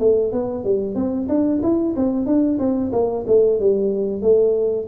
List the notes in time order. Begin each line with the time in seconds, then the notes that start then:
0.00 A3
0.33 B3
0.65 G3
0.96 C4
1.29 D4
1.63 E4
1.97 C4
2.26 D4
2.59 C4
2.93 A#3
3.28 A3
3.60 G3
4.22 A3